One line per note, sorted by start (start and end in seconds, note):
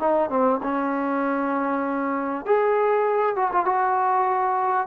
0.00 0.30 D#4
0.30 0.61 C4
0.63 2.46 C#4
2.46 3.36 G#4
3.36 3.51 F#4
3.53 3.65 F4
3.65 4.88 F#4